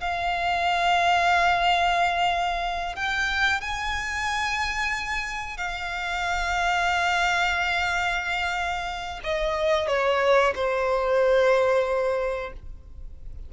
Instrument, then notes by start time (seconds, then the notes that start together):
violin
0.00 F5
2.95 G5
3.60 G#5
5.57 F5
9.23 D#5
9.87 C#5
10.55 C5